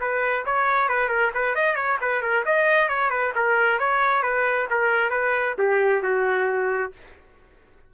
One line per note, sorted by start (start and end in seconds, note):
0.00 0.45 B4
0.45 0.89 C#5
0.89 1.09 B4
1.09 1.31 A#4
1.34 1.55 B4
1.55 1.75 D#5
1.75 1.98 C#5
2.01 2.22 B4
2.22 2.44 A#4
2.46 2.88 D#5
2.88 3.10 C#5
3.10 3.33 B4
3.35 3.79 A#4
3.79 4.22 C#5
4.22 4.67 B4
4.70 5.10 A#4
5.10 5.55 B4
5.58 6.03 G4
6.03 6.92 F#4